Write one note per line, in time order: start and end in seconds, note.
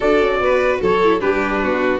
0.00 0.20 D4
0.00 1.01 F#4
0.00 0.39 A4
0.00 0.81 D5
0.20 0.40 C#4
0.40 0.80 B3
0.40 0.81 B4
0.81 1.22 F#3
0.81 1.20 A4
0.81 1.21 C#5
1.04 1.20 E4
1.20 1.64 G3
1.20 1.99 D4
1.20 1.61 G4
1.20 1.99 B4
1.62 1.99 B3
1.62 1.99 F#4